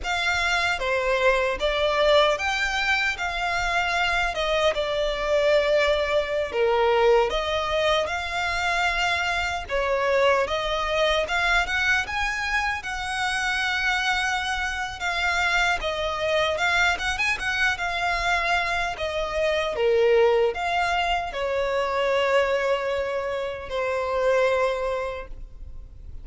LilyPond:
\new Staff \with { instrumentName = "violin" } { \time 4/4 \tempo 4 = 76 f''4 c''4 d''4 g''4 | f''4. dis''8 d''2~ | d''16 ais'4 dis''4 f''4.~ f''16~ | f''16 cis''4 dis''4 f''8 fis''8 gis''8.~ |
gis''16 fis''2~ fis''8. f''4 | dis''4 f''8 fis''16 gis''16 fis''8 f''4. | dis''4 ais'4 f''4 cis''4~ | cis''2 c''2 | }